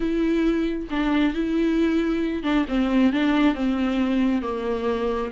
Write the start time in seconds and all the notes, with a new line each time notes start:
0.00 E4
0.90 D4
1.34 E4
2.43 D4
2.68 C4
3.13 D4
3.55 C4
4.42 A#3